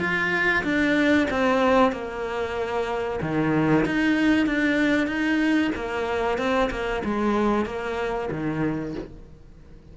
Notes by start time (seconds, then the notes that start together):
0.00 F4
0.64 D4
1.31 C4
1.92 A#3
3.21 D#3
3.86 D#4
4.47 D4
5.07 D#4
5.75 A#3
6.38 C4
6.71 A#3
7.05 G#3
7.66 A#3
8.31 D#3